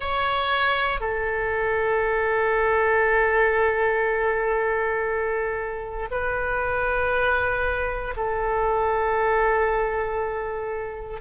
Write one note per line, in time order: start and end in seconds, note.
0.00 1.00 C#5
1.00 6.08 A4
6.11 8.14 B4
8.16 11.20 A4